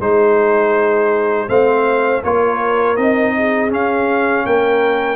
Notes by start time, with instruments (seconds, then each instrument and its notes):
0.00 tuba G#3, trombone D#4, horn G#4, trumpet C5
1.48 tuba A3, trombone C4, horn C5, trumpet F5
2.23 tuba A#3, trombone F4, horn A#4, trumpet C#5
2.96 tuba C4, trombone D#4, trumpet D#5
3.37 horn G#4
3.69 trombone C#4, tuba C#4, trumpet F5
4.45 tuba A#3, horn A#4, trumpet G5